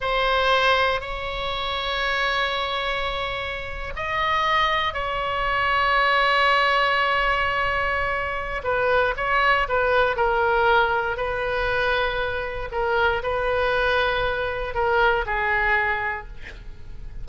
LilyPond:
\new Staff \with { instrumentName = "oboe" } { \time 4/4 \tempo 4 = 118 c''2 cis''2~ | cis''2.~ cis''8. dis''16~ | dis''4.~ dis''16 cis''2~ cis''16~ | cis''1~ |
cis''4 b'4 cis''4 b'4 | ais'2 b'2~ | b'4 ais'4 b'2~ | b'4 ais'4 gis'2 | }